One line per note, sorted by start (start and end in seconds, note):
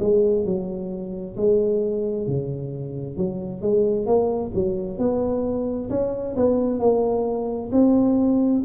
0.00 0.45 G#3
0.45 1.36 F#3
1.37 2.27 G#3
2.27 3.17 C#3
3.17 3.62 F#3
3.62 4.07 G#3
4.07 4.52 A#3
4.55 4.99 F#3
4.99 5.90 B3
5.90 6.36 C#4
6.37 6.80 B3
6.80 7.71 A#3
7.72 8.63 C4